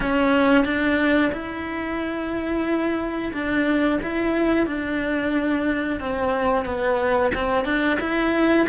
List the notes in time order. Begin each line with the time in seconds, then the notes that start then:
0.00 C#4
0.65 D4
1.32 E4
3.33 D4
4.02 E4
4.66 D4
6.00 C4
6.65 B3
7.35 C4
7.65 D4
8.00 E4